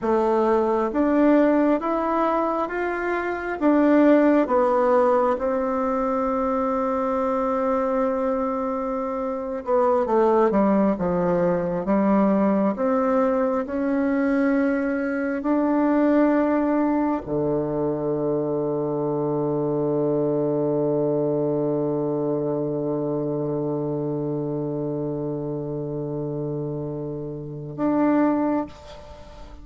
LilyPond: \new Staff \with { instrumentName = "bassoon" } { \time 4/4 \tempo 4 = 67 a4 d'4 e'4 f'4 | d'4 b4 c'2~ | c'2~ c'8. b8 a8 g16~ | g16 f4 g4 c'4 cis'8.~ |
cis'4~ cis'16 d'2 d8.~ | d1~ | d1~ | d2. d'4 | }